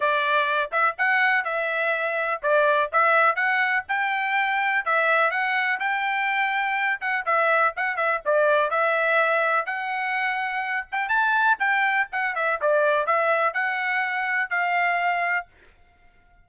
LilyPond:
\new Staff \with { instrumentName = "trumpet" } { \time 4/4 \tempo 4 = 124 d''4. e''8 fis''4 e''4~ | e''4 d''4 e''4 fis''4 | g''2 e''4 fis''4 | g''2~ g''8 fis''8 e''4 |
fis''8 e''8 d''4 e''2 | fis''2~ fis''8 g''8 a''4 | g''4 fis''8 e''8 d''4 e''4 | fis''2 f''2 | }